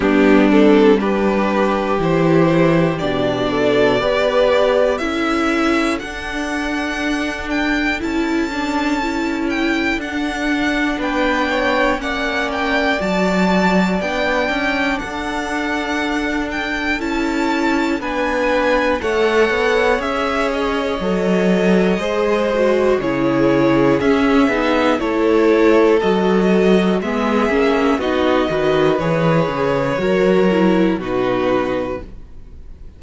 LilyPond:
<<
  \new Staff \with { instrumentName = "violin" } { \time 4/4 \tempo 4 = 60 g'8 a'8 b'4 c''4 d''4~ | d''4 e''4 fis''4. g''8 | a''4. g''8 fis''4 g''4 | fis''8 g''8 a''4 g''4 fis''4~ |
fis''8 g''8 a''4 gis''4 fis''4 | e''8 dis''2~ dis''8 cis''4 | e''4 cis''4 dis''4 e''4 | dis''4 cis''2 b'4 | }
  \new Staff \with { instrumentName = "violin" } { \time 4/4 d'4 g'2~ g'8 a'8 | b'4 a'2.~ | a'2. b'8 cis''8 | d''2. a'4~ |
a'2 b'4 cis''4~ | cis''2 c''4 gis'4~ | gis'4 a'2 gis'4 | fis'8 b'4. ais'4 fis'4 | }
  \new Staff \with { instrumentName = "viola" } { \time 4/4 b8 c'8 d'4 e'4 d'4 | g'4 e'4 d'2 | e'8 d'8 e'4 d'2 | cis'4 fis'4 d'2~ |
d'4 e'4 d'4 a'4 | gis'4 a'4 gis'8 fis'8 e'4 | cis'8 dis'8 e'4 fis'4 b8 cis'8 | dis'8 fis'8 gis'4 fis'8 e'8 dis'4 | }
  \new Staff \with { instrumentName = "cello" } { \time 4/4 g2 e4 b,4 | b4 cis'4 d'2 | cis'2 d'4 b4 | ais4 fis4 b8 cis'8 d'4~ |
d'4 cis'4 b4 a8 b8 | cis'4 fis4 gis4 cis4 | cis'8 b8 a4 fis4 gis8 ais8 | b8 dis8 e8 cis8 fis4 b,4 | }
>>